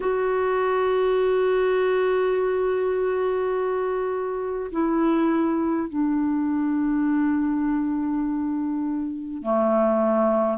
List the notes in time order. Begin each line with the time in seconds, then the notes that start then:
0.00 F#4
4.71 E4
5.89 D4
9.42 A3